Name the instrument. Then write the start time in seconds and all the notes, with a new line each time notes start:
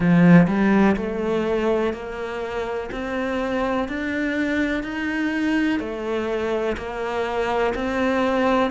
cello
0.00 F3
0.47 G3
0.96 A3
1.93 A#3
2.91 C4
3.88 D4
4.83 D#4
5.79 A3
6.77 A#3
7.75 C4